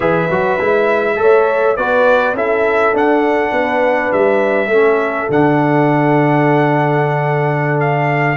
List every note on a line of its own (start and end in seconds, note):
0.00 0.28 E3
0.00 0.29 G#4
0.00 1.16 B4
0.00 1.76 E5
0.29 0.59 F#3
0.29 0.59 F#4
0.59 1.17 G#3
0.59 1.15 E4
1.15 1.76 A3
1.15 1.74 A4
1.15 1.77 C#5
1.76 2.33 B3
1.76 2.36 F#4
1.76 2.35 B4
1.76 2.35 D5
2.33 2.92 C#4
2.33 2.94 E4
2.33 3.51 A4
2.33 2.95 E5
2.93 3.52 D4
2.93 4.70 D4
2.93 4.12 F#5
3.51 4.11 B3
3.51 4.69 B4
4.12 4.67 G3
4.12 5.30 E5
4.67 5.26 A3
4.67 5.29 C#4
4.67 8.37 A4
5.29 8.37 D3
5.29 8.37 D4
5.29 7.79 F#5
7.79 8.37 F5